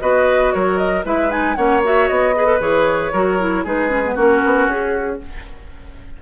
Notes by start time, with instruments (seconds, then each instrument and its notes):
0.00 bassoon B3, clarinet F#4, oboe B4, flute D#5
0.52 bassoon F#3, oboe A#4, flute C#5
0.77 flute D#5
1.04 bassoon G#3, clarinet E4, oboe B4, flute E5
1.29 clarinet D#4, flute G#5
1.55 bassoon A#3, clarinet C#4, oboe C#5, flute F#5
1.83 clarinet F#4, flute E5
2.08 bassoon B3, flute D#5
2.35 clarinet G#4, oboe B4
2.46 clarinet A4
2.60 bassoon E3, clarinet G#4, flute C#5
3.12 bassoon F#3, clarinet F#4, oboe A#4
3.39 clarinet E4
3.64 bassoon G#3, clarinet D#4, oboe G#4, flute B4
3.89 clarinet C#4
4.05 clarinet B3
4.15 bassoon A#3, clarinet C#4, oboe F#4, flute A#4
4.45 bassoon B3
4.67 bassoon C#4, flute G#4